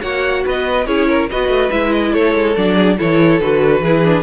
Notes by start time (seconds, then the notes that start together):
0.00 A#3 F#4 C#5 F#5
0.46 B3 B4 D#5
0.86 C#4 E4 G#4 C#5
1.08 A#4
1.29 B3 F#4 B4 D#5
1.48 A3
1.70 G#3 E4 E5
1.92 D#5
2.13 A3 A4 C#5
2.34 G#3
2.55 F#3 D4 D5
2.75 G#4
2.98 E3 E4 A4 C#5
3.40 D3 F#4 B4
3.80 E3 E4 G#4
4.04 D4